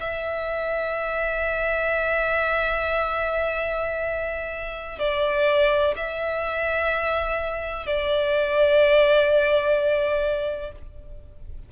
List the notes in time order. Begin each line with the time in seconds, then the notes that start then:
0.00 E5
4.99 D5
5.97 E5
7.87 D5